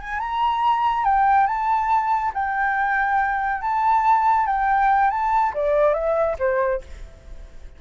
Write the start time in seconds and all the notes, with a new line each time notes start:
0.00 G#5
0.19 A#5
1.04 G5
1.47 A5
2.34 G5
3.61 A5
4.46 G5
5.10 A5
5.54 D5
5.93 E5
6.38 C5